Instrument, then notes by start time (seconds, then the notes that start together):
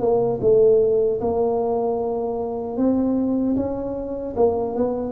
tuba
0.00 A#3
0.41 A3
1.21 A#3
2.77 C4
3.56 C#4
4.36 A#3
4.75 B3